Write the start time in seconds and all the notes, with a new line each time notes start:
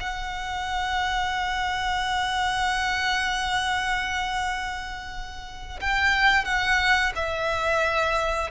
0.00 F#5
5.80 G5
6.44 F#5
7.15 E5